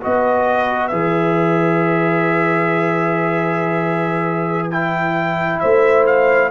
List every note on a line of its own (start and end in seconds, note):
0.00 0.93 B3
0.00 0.91 F#4
0.00 5.60 B4
0.00 0.88 D#5
0.88 5.63 E3
0.88 4.72 G#4
0.88 4.69 E5
4.71 6.51 E4
4.71 5.60 G5
5.60 6.51 A3
5.60 6.51 C5
5.60 6.05 E5
6.07 6.51 F5